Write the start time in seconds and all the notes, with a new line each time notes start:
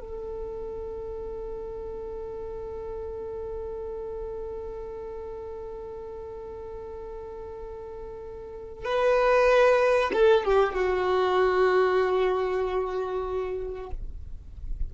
0.00 A4
8.84 B4
10.13 A4
10.44 G4
10.74 F#4